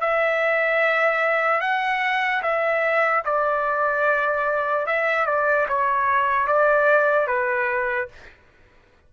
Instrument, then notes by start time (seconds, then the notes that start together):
trumpet
0.00 E5
1.61 F#5
2.43 E5
3.25 D5
4.86 E5
5.26 D5
5.68 C#5
6.47 D5
7.27 B4